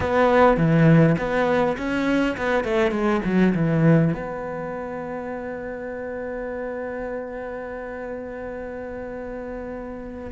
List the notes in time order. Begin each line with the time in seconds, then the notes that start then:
0.00 B3
0.57 E3
1.18 B3
1.77 C#4
2.37 B3
2.64 A3
2.91 G#3
3.24 F#3
3.54 E3
4.13 B3